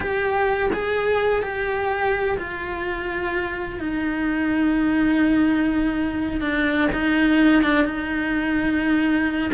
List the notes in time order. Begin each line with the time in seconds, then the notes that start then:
0.00 G4
0.73 G#4
1.42 G4
2.37 F4
3.79 D#4
6.40 D4
6.93 D#4
7.62 D4
7.84 D#4